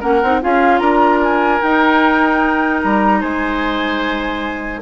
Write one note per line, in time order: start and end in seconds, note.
0.00 0.23 A#3
0.00 0.20 C#4
0.00 0.40 A#4
0.00 0.42 F#5
0.23 0.43 C4
0.23 0.42 D#4
0.42 0.80 C#4
0.42 1.62 F4
0.42 0.81 G#4
0.42 0.79 F5
0.79 1.60 D4
0.79 3.20 A#4
0.79 1.19 A#5
1.23 1.62 G#5
1.62 4.82 D#4
1.62 2.83 D#4
1.62 2.82 G5
2.83 3.23 G3
2.83 3.22 A#5
3.20 4.82 G#3
3.20 4.80 C5
3.20 4.82 G#5